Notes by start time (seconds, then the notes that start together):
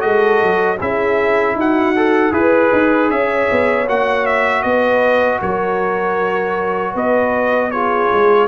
0.00 G#3 F#4 A4 D#5
0.43 F#3
0.80 C#4 E4 G#4 E5
1.55 D#4 F#4 F#5
1.97 A4
2.32 E4 G#4 B4
2.73 D#4
3.10 C#4 C#5 E5
3.52 B3
3.88 A#3 F#4 F#5
4.26 E5
4.63 B3 B4 D#5
5.42 F#3 A#4 C#5
6.93 B3 B4 D#5
7.71 F4 G#4 C#5
8.13 G#3